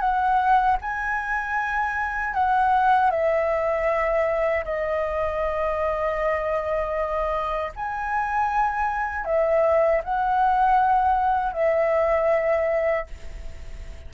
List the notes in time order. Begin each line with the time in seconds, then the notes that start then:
0.00 F#5
0.81 G#5
2.34 F#5
3.10 E5
4.65 D#5
7.76 G#5
9.25 E5
10.03 F#5
11.52 E5